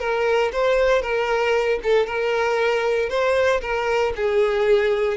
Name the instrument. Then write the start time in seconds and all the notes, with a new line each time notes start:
violin
0.00 A#4
0.53 C5
1.03 A#4
1.83 A4
2.07 A#4
3.09 C5
3.62 A#4
4.16 G#4